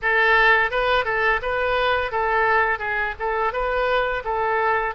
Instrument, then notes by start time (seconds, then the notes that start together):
oboe
0.02 A4
0.71 B4
1.05 A4
1.42 B4
2.11 A4
2.79 G#4
3.19 A4
3.52 B4
4.24 A4